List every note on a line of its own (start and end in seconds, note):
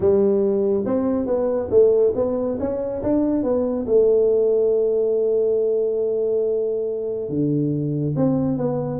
0.00 0.84 G3
0.85 1.26 C4
1.26 1.69 B3
1.70 2.13 A3
2.15 2.58 B3
2.59 3.02 C#4
3.02 3.43 D4
3.43 3.86 B3
3.86 7.29 A3
7.29 8.14 D3
8.16 8.57 C4
8.57 9.00 B3